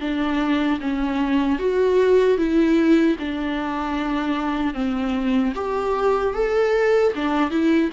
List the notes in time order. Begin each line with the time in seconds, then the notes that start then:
0.00 D4
0.80 C#4
1.58 F#4
2.37 E4
3.19 D4
4.74 C4
5.54 G4
6.33 A4
7.15 D4
7.50 E4